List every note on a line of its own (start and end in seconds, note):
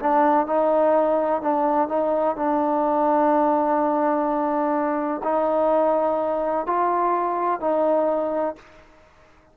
0.00 0.47 D4
0.47 1.42 D#4
1.42 1.89 D4
1.89 2.36 D#4
2.36 5.22 D4
5.24 6.67 D#4
6.67 7.61 F4
7.61 8.56 D#4